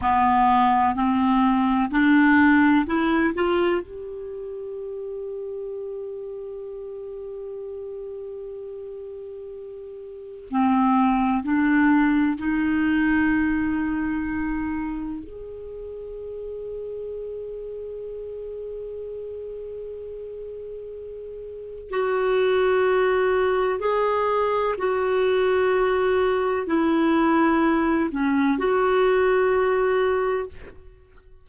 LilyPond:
\new Staff \with { instrumentName = "clarinet" } { \time 4/4 \tempo 4 = 63 b4 c'4 d'4 e'8 f'8 | g'1~ | g'2. c'4 | d'4 dis'2. |
gis'1~ | gis'2. fis'4~ | fis'4 gis'4 fis'2 | e'4. cis'8 fis'2 | }